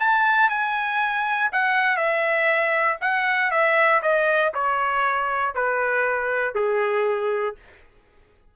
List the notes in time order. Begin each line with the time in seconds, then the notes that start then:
0.00 A5
0.50 G#5
1.52 F#5
1.97 E5
3.01 F#5
3.51 E5
4.02 D#5
4.54 C#5
5.55 B4
6.55 G#4